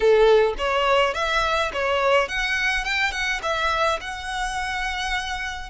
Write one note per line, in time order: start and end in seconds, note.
0.00 0.54 A4
0.57 1.14 C#5
1.14 1.71 E5
1.73 2.28 C#5
2.28 2.84 F#5
2.84 3.11 G5
3.11 3.40 F#5
3.42 3.99 E5
4.00 5.69 F#5